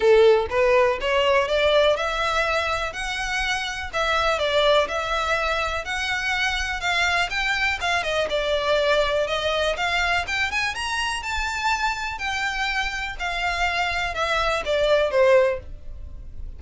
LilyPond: \new Staff \with { instrumentName = "violin" } { \time 4/4 \tempo 4 = 123 a'4 b'4 cis''4 d''4 | e''2 fis''2 | e''4 d''4 e''2 | fis''2 f''4 g''4 |
f''8 dis''8 d''2 dis''4 | f''4 g''8 gis''8 ais''4 a''4~ | a''4 g''2 f''4~ | f''4 e''4 d''4 c''4 | }